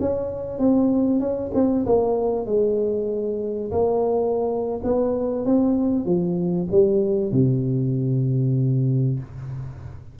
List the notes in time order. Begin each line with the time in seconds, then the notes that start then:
0.00 C#4
0.59 C4
1.20 C#4
1.54 C4
1.86 A#3
2.46 G#3
3.71 A#3
4.84 B3
5.46 C4
6.05 F3
6.71 G3
7.32 C3